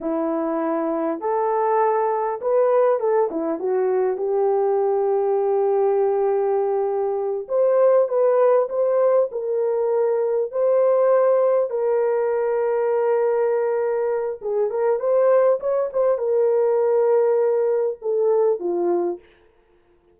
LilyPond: \new Staff \with { instrumentName = "horn" } { \time 4/4 \tempo 4 = 100 e'2 a'2 | b'4 a'8 e'8 fis'4 g'4~ | g'1~ | g'8 c''4 b'4 c''4 ais'8~ |
ais'4. c''2 ais'8~ | ais'1 | gis'8 ais'8 c''4 cis''8 c''8 ais'4~ | ais'2 a'4 f'4 | }